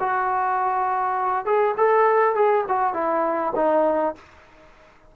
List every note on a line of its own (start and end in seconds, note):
0.00 1.46 F#4
1.46 1.75 G#4
1.77 2.35 A4
2.35 2.65 G#4
2.68 2.94 F#4
2.94 3.53 E4
3.56 4.15 D#4